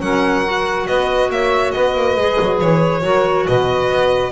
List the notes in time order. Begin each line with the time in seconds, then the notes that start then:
0.00 F#3 C#4 A#4 F#5
0.44 F#4
0.87 B3 B4 D#5
1.30 A#3 C#5 E5
1.71 B3 B4 D#5
1.95 A#3
2.16 G#3 G#4
2.40 F#3
2.60 E3 C#5
3.02 F#3 F#4 A#4
3.46 B2 B4 D#5
3.89 B3